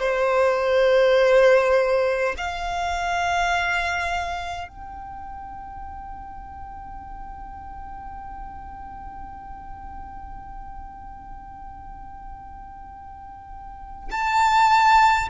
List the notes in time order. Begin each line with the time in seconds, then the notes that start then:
0.00 C5
2.38 F5
4.68 G5
14.11 A5